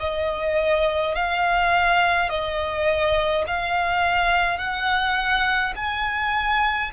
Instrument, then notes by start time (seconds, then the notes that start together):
violin
0.00 D#5
1.15 F5
2.30 D#5
3.47 F5
4.58 F#5
5.76 G#5